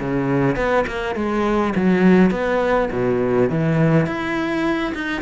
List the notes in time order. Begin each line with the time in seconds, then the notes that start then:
0.00 C#3
0.56 B3
0.87 A#3
1.15 G#3
1.76 F#3
2.31 B3
2.92 B2
3.50 E3
4.06 E4
4.94 D#4